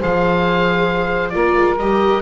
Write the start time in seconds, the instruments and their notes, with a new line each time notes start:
0.00 double bass F3, viola G#4, saxophone C5, oboe F5
1.30 double bass A#3, viola F4, saxophone A#4, oboe D5
1.57 double bass G#3
1.79 double bass G3, viola G4, oboe D#5